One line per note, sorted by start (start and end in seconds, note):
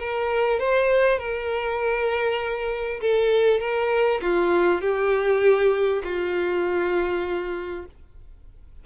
0.00 0.60 A#4
0.60 1.19 C5
1.19 3.01 A#4
3.01 3.61 A4
3.61 4.21 A#4
4.22 4.82 F4
4.82 6.03 G4
6.04 7.86 F4